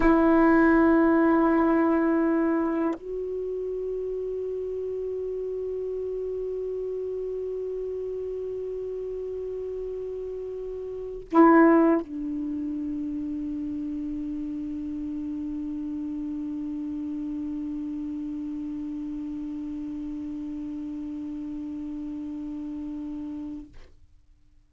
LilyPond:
\new Staff \with { instrumentName = "saxophone" } { \time 4/4 \tempo 4 = 81 e'1 | fis'1~ | fis'1~ | fis'2.~ fis'16 e'8.~ |
e'16 d'2.~ d'8.~ | d'1~ | d'1~ | d'1 | }